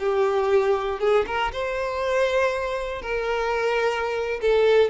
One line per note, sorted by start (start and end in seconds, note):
0.00 1.01 G4
1.01 1.26 G#4
1.27 1.52 A#4
1.53 3.02 C5
3.02 4.41 A#4
4.42 4.91 A4